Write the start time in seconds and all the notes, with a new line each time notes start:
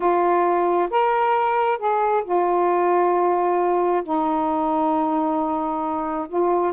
0.00 F4
0.90 A#4
1.78 G#4
2.24 F4
4.03 D#4
6.28 F4